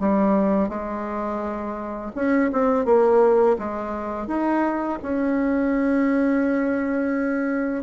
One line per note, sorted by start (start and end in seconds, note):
0.00 0.69 G3
0.69 2.12 G#3
2.15 2.51 C#4
2.53 2.85 C4
2.85 3.57 A#3
3.59 4.27 G#3
4.27 4.99 D#4
5.03 7.83 C#4